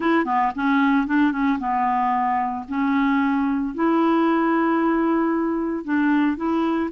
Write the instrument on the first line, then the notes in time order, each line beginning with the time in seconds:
clarinet
0.00 E4
0.25 B3
0.55 C#4
1.06 D4
1.32 C#4
1.59 B3
2.68 C#4
3.74 E4
5.84 D4
6.36 E4